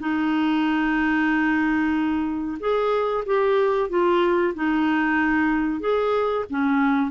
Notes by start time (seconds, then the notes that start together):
0.00 D#4
2.60 G#4
3.26 G4
3.89 F4
4.55 D#4
5.80 G#4
6.50 C#4